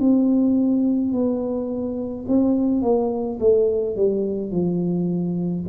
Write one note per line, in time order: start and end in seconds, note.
0.00 1.13 C4
1.13 2.26 B3
2.28 2.83 C4
2.83 3.39 A#3
3.40 3.96 A3
3.96 4.52 G3
4.52 5.65 F3